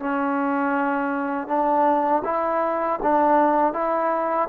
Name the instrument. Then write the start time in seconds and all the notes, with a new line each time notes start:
trombone
0.00 C#4
1.48 D4
2.25 E4
3.03 D4
3.74 E4